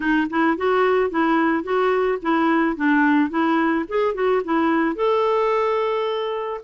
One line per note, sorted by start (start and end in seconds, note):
0.00 0.27 D#4
0.30 0.57 E4
0.57 1.10 F#4
1.10 1.63 E4
1.63 2.18 F#4
2.21 2.76 E4
2.76 3.30 D4
3.30 3.85 E4
3.88 4.14 G#4
4.14 4.42 F#4
4.44 4.95 E4
4.95 6.60 A4